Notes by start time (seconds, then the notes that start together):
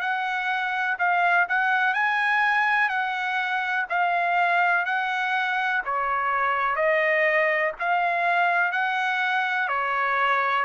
0.00 F#5
0.99 F5
1.49 F#5
1.94 G#5
2.89 F#5
3.89 F5
4.85 F#5
5.85 C#5
6.76 D#5
7.79 F5
8.72 F#5
9.68 C#5